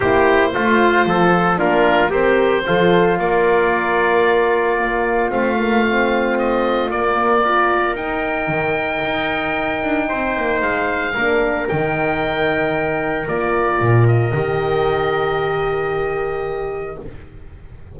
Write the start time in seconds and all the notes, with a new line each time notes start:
0.00 A#3 E4 G4 C5
0.54 A3 F4
1.05 F3 A4
1.56 A#3 D4 F4 A#4
2.10 C4 G4 A#4 C5
2.66 F3 F4 A4
3.18 A#3 A#4 D5
4.78 A#3
5.29 A3 C4 F5
5.58 A#3
5.85 C4
6.38 D#5
6.90 A#3 D5
7.43 F4 A#4
7.94 D#4 G5
8.47 D#3
9.04 D#4
9.83 D4
10.08 C4 C5
10.36 A#3
10.61 G#3 F5
11.13 A#3 D4 A#4
11.68 D#3 D#4 G5
13.27 A#3 F4 D5
13.80 A#2
14.07 D#5
14.32 D#3 G4